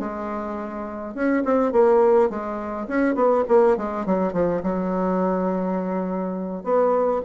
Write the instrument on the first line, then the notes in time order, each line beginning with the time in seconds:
bassoon
0.00 G#3
1.15 C#4
1.45 C4
1.73 A#3
2.30 G#3
2.88 C#4
3.15 B3
3.49 A#3
3.77 G#3
4.06 F#3
4.33 F3
4.63 F#3
6.64 B3